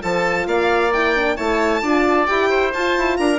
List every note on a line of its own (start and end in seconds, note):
0.00 0.47 F3
0.00 0.90 F4
0.00 0.47 A4
0.00 0.47 A5
0.47 1.37 A#3
0.47 1.36 D5
0.47 0.93 F5
0.93 1.16 E4
0.93 1.36 G5
1.16 1.36 D4
1.36 1.82 A3
1.36 1.81 E4
1.36 1.81 C#5
1.36 2.26 A5
1.82 2.27 D4
1.82 2.27 F4
1.82 2.50 D5
2.26 2.74 E4
2.26 2.72 G4
2.26 2.71 G5
2.50 3.17 C5
2.73 2.97 F4
2.73 3.39 F4
2.73 3.17 A5
2.98 3.19 E4
3.17 3.39 D4
3.17 3.39 A#4
3.17 3.39 A#5